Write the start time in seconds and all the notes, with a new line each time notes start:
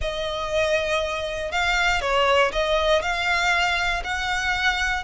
0.01 D#5
1.51 F5
2.01 C#5
2.52 D#5
3.01 F5
4.04 F#5